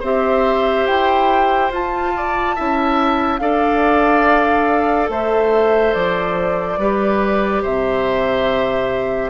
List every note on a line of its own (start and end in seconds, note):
0.00 0.87 C4
0.00 1.72 G4
0.00 2.11 C5
0.00 0.87 E5
0.87 1.71 E4
0.87 1.71 G5
1.71 2.55 F4
1.71 2.57 F4
1.71 3.39 A5
2.17 2.56 D5
2.56 3.41 C#4
2.56 3.40 E4
2.56 3.40 E5
3.39 5.09 D4
3.39 6.78 A4
3.39 5.11 D5
3.39 5.08 F5
5.09 5.94 A3
5.09 6.80 C5
5.09 5.94 E5
5.94 6.78 F3
5.94 7.63 D5
6.78 7.63 G3
6.78 9.30 G4
6.78 7.62 B4
7.62 9.30 C3
7.62 9.30 C5
7.62 9.30 E5